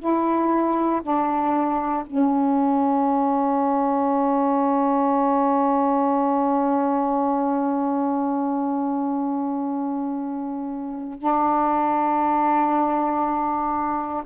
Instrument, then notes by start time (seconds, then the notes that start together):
saxophone
0.00 E4
1.03 D4
2.07 C#4
11.19 D4